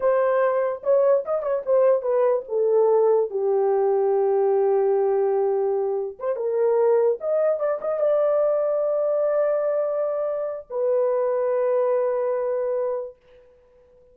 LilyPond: \new Staff \with { instrumentName = "horn" } { \time 4/4 \tempo 4 = 146 c''2 cis''4 dis''8 cis''8 | c''4 b'4 a'2 | g'1~ | g'2. c''8 ais'8~ |
ais'4. dis''4 d''8 dis''8 d''8~ | d''1~ | d''2 b'2~ | b'1 | }